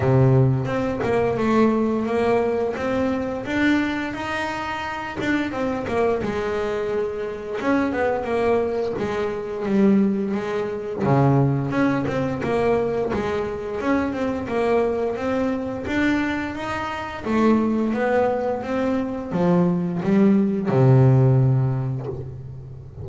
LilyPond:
\new Staff \with { instrumentName = "double bass" } { \time 4/4 \tempo 4 = 87 c4 c'8 ais8 a4 ais4 | c'4 d'4 dis'4. d'8 | c'8 ais8 gis2 cis'8 b8 | ais4 gis4 g4 gis4 |
cis4 cis'8 c'8 ais4 gis4 | cis'8 c'8 ais4 c'4 d'4 | dis'4 a4 b4 c'4 | f4 g4 c2 | }